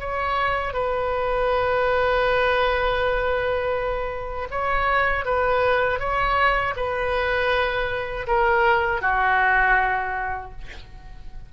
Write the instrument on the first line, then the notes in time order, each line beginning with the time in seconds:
oboe
0.00 C#5
0.74 B4
4.51 C#5
5.25 B4
6.00 C#5
6.77 B4
8.27 A#4
9.02 F#4